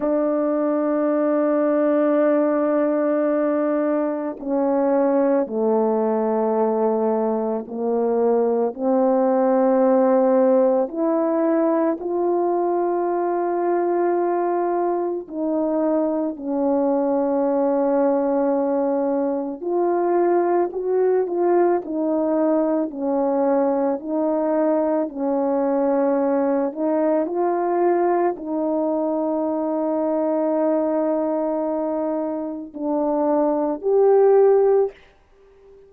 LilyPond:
\new Staff \with { instrumentName = "horn" } { \time 4/4 \tempo 4 = 55 d'1 | cis'4 a2 ais4 | c'2 e'4 f'4~ | f'2 dis'4 cis'4~ |
cis'2 f'4 fis'8 f'8 | dis'4 cis'4 dis'4 cis'4~ | cis'8 dis'8 f'4 dis'2~ | dis'2 d'4 g'4 | }